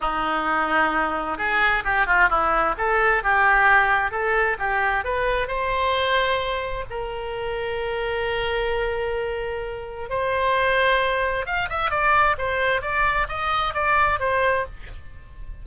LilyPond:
\new Staff \with { instrumentName = "oboe" } { \time 4/4 \tempo 4 = 131 dis'2. gis'4 | g'8 f'8 e'4 a'4 g'4~ | g'4 a'4 g'4 b'4 | c''2. ais'4~ |
ais'1~ | ais'2 c''2~ | c''4 f''8 e''8 d''4 c''4 | d''4 dis''4 d''4 c''4 | }